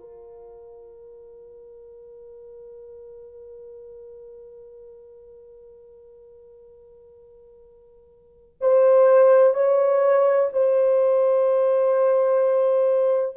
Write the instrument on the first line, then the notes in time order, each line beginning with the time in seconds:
horn
0.00 A#4
8.61 C5
9.54 C#5
10.53 C5